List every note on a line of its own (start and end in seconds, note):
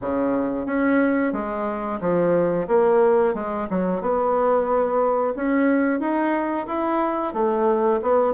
0.01 0.65 C#3
0.65 1.32 C#4
1.32 1.99 G#3
2.00 2.67 F3
2.67 3.34 A#3
3.34 3.67 G#3
3.70 4.01 F#3
4.01 5.34 B3
5.35 5.99 C#4
5.99 6.66 D#4
6.67 7.33 E4
7.33 8.00 A3
8.02 8.33 B3